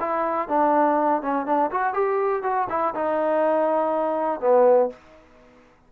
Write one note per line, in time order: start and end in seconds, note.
0.00 0.49 E4
0.49 1.22 D4
1.22 1.46 C#4
1.46 1.71 D4
1.71 1.94 F#4
1.94 2.43 G4
2.43 2.68 F#4
2.70 2.94 E4
2.95 4.40 D#4
4.40 4.90 B3